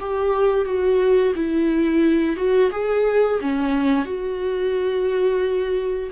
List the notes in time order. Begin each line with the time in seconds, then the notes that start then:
0.00 G4
0.65 F#4
1.35 E4
2.36 F#4
2.71 G#4
3.41 C#4
4.05 F#4